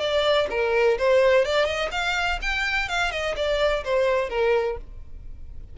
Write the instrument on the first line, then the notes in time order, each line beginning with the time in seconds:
violin
0.00 D5
0.50 A#4
0.98 C5
1.45 D5
1.65 D#5
1.92 F5
2.42 G5
2.89 F5
3.11 D#5
3.36 D5
3.84 C5
4.30 A#4